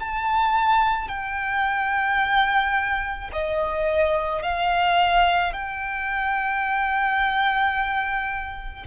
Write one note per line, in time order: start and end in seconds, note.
0.00 1.09 A5
1.09 3.31 G5
3.33 4.43 D#5
4.43 5.53 F5
5.53 8.86 G5